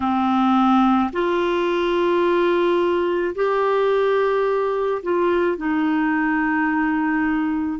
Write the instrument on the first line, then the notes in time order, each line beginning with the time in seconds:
clarinet
0.00 C4
1.12 F4
3.35 G4
5.03 F4
5.57 D#4